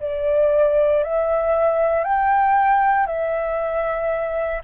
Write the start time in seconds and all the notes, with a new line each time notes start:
0.00 D5
1.04 E5
2.04 G5
3.07 E5